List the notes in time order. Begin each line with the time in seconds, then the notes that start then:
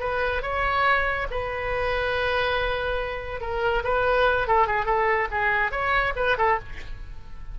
0.00 B4
0.42 C#5
1.31 B4
3.41 A#4
3.84 B4
4.48 A4
4.67 G#4
4.86 A4
5.31 G#4
5.71 C#5
6.16 B4
6.38 A4